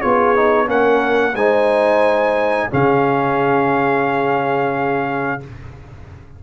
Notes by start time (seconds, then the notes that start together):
0.00 B3 F4 G#4 C#5
0.36 D#4
0.66 A#3 C#4 A#4 F#5
1.34 G#3 D#4 C5 G#5
2.69 C#3 C#4 G#4 F5